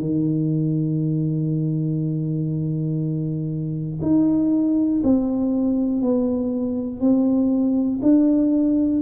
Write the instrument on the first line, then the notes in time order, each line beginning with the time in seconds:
tuba
0.00 D#3
4.02 D#4
5.04 C4
6.02 B3
7.00 C4
8.02 D4